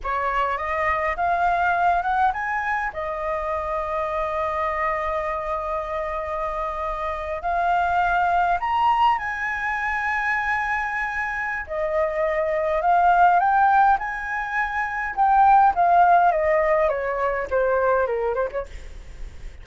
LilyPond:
\new Staff \with { instrumentName = "flute" } { \time 4/4 \tempo 4 = 103 cis''4 dis''4 f''4. fis''8 | gis''4 dis''2.~ | dis''1~ | dis''8. f''2 ais''4 gis''16~ |
gis''1 | dis''2 f''4 g''4 | gis''2 g''4 f''4 | dis''4 cis''4 c''4 ais'8 c''16 cis''16 | }